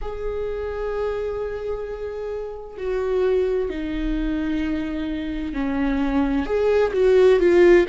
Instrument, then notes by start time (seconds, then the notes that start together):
viola
0.01 G#4
2.77 F#4
3.69 D#4
5.53 C#4
6.46 G#4
6.93 F#4
7.39 F4